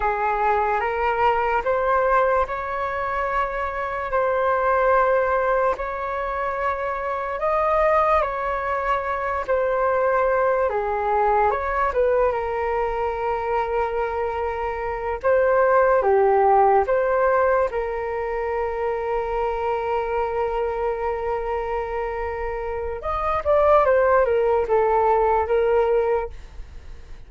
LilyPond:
\new Staff \with { instrumentName = "flute" } { \time 4/4 \tempo 4 = 73 gis'4 ais'4 c''4 cis''4~ | cis''4 c''2 cis''4~ | cis''4 dis''4 cis''4. c''8~ | c''4 gis'4 cis''8 b'8 ais'4~ |
ais'2~ ais'8 c''4 g'8~ | g'8 c''4 ais'2~ ais'8~ | ais'1 | dis''8 d''8 c''8 ais'8 a'4 ais'4 | }